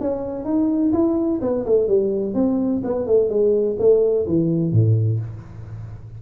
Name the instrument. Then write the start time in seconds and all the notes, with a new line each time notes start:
tuba
0.00 C#4
0.45 D#4
0.93 E4
1.41 B3
1.65 A3
1.88 G3
2.35 C4
2.84 B3
3.07 A3
3.30 G#3
3.79 A3
4.27 E3
4.72 A2